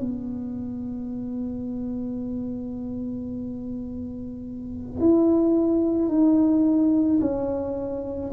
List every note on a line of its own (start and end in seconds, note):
0.00 5.00 B3
5.00 6.09 E4
6.09 7.20 D#4
7.21 8.32 C#4